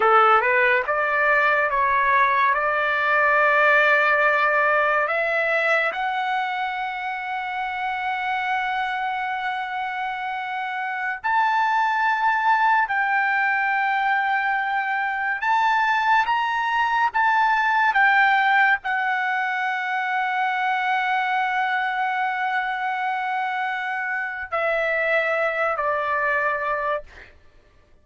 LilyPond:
\new Staff \with { instrumentName = "trumpet" } { \time 4/4 \tempo 4 = 71 a'8 b'8 d''4 cis''4 d''4~ | d''2 e''4 fis''4~ | fis''1~ | fis''4~ fis''16 a''2 g''8.~ |
g''2~ g''16 a''4 ais''8.~ | ais''16 a''4 g''4 fis''4.~ fis''16~ | fis''1~ | fis''4 e''4. d''4. | }